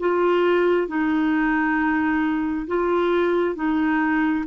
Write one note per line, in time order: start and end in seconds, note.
0.00 0.88 F4
0.88 2.67 D#4
2.67 3.56 F4
3.56 4.45 D#4